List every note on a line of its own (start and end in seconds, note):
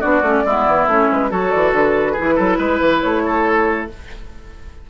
0.00 0.22 B3
0.00 0.22 D4
0.00 0.43 F#4
0.00 0.86 D5
0.22 0.43 A3
0.22 0.45 C#4
0.45 0.66 G#3
0.45 0.89 B3
0.45 1.30 E4
0.67 0.87 E3
0.87 1.08 A3
0.87 1.30 C#4
0.87 1.12 C#5
1.12 1.31 G#3
1.12 1.31 B4
1.30 1.52 F#3
1.30 2.16 F#4
1.30 2.12 A4
1.30 1.51 C#5
1.51 1.72 E3
1.51 1.72 D5
1.72 2.15 D3
1.72 3.01 B4
2.12 3.88 E4
2.12 2.34 G#4
2.20 2.39 E3
2.36 2.58 F#3
2.36 2.57 A4
2.58 2.80 G#3
2.58 3.22 B4
2.80 3.02 E3
3.01 3.90 A3
3.01 3.86 C#5
3.26 3.90 A4